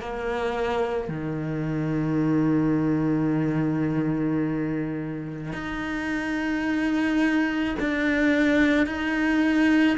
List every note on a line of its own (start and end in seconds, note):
0.00 1.09 A#3
1.09 5.53 D#3
5.53 7.75 D#4
7.80 8.86 D4
8.86 9.97 D#4